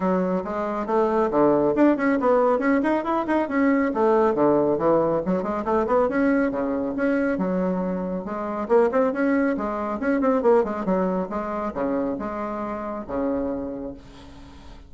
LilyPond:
\new Staff \with { instrumentName = "bassoon" } { \time 4/4 \tempo 4 = 138 fis4 gis4 a4 d4 | d'8 cis'8 b4 cis'8 dis'8 e'8 dis'8 | cis'4 a4 d4 e4 | fis8 gis8 a8 b8 cis'4 cis4 |
cis'4 fis2 gis4 | ais8 c'8 cis'4 gis4 cis'8 c'8 | ais8 gis8 fis4 gis4 cis4 | gis2 cis2 | }